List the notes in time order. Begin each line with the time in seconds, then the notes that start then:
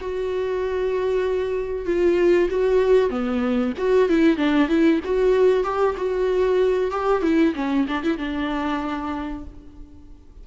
0.00 F#4
1.86 F4
2.50 F#4
3.10 B3
3.78 F#4
4.09 E4
4.37 D4
4.69 E4
5.04 F#4
5.64 G4
5.97 F#4
6.91 G4
7.22 E4
7.55 C#4
7.88 D4
8.03 E4
8.18 D4